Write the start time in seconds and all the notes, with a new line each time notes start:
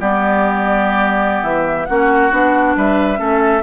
0.00 G3 B3 G4 D5
1.43 E3 E5
1.86 A#3 C#4 F#4 F#5
2.31 B3 D4
2.77 G3 B4 E5
3.17 A3 C#4 A4